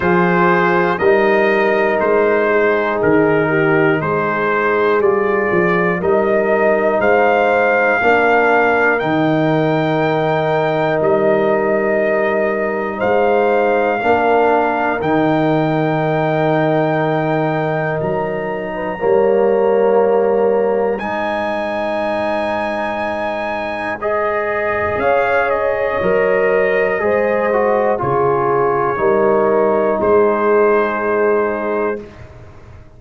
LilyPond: <<
  \new Staff \with { instrumentName = "trumpet" } { \time 4/4 \tempo 4 = 60 c''4 dis''4 c''4 ais'4 | c''4 d''4 dis''4 f''4~ | f''4 g''2 dis''4~ | dis''4 f''2 g''4~ |
g''2 ais''2~ | ais''4 gis''2. | dis''4 f''8 dis''2~ dis''8 | cis''2 c''2 | }
  \new Staff \with { instrumentName = "horn" } { \time 4/4 gis'4 ais'4. gis'4 g'8 | gis'2 ais'4 c''4 | ais'1~ | ais'4 c''4 ais'2~ |
ais'2~ ais'8. b'16 cis''4~ | cis''4 c''2.~ | c''4 cis''2 c''4 | gis'4 ais'4 gis'2 | }
  \new Staff \with { instrumentName = "trombone" } { \time 4/4 f'4 dis'2.~ | dis'4 f'4 dis'2 | d'4 dis'2.~ | dis'2 d'4 dis'4~ |
dis'2. ais4~ | ais4 dis'2. | gis'2 ais'4 gis'8 fis'8 | f'4 dis'2. | }
  \new Staff \with { instrumentName = "tuba" } { \time 4/4 f4 g4 gis4 dis4 | gis4 g8 f8 g4 gis4 | ais4 dis2 g4~ | g4 gis4 ais4 dis4~ |
dis2 fis4 g4~ | g4 gis2.~ | gis4 cis'4 fis4 gis4 | cis4 g4 gis2 | }
>>